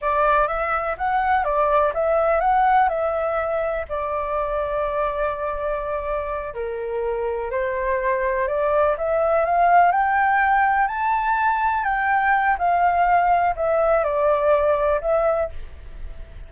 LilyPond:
\new Staff \with { instrumentName = "flute" } { \time 4/4 \tempo 4 = 124 d''4 e''4 fis''4 d''4 | e''4 fis''4 e''2 | d''1~ | d''4. ais'2 c''8~ |
c''4. d''4 e''4 f''8~ | f''8 g''2 a''4.~ | a''8 g''4. f''2 | e''4 d''2 e''4 | }